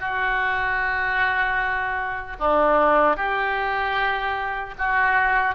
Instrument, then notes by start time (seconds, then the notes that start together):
oboe
0.00 F#4
2.40 D4
3.17 G4
4.78 F#4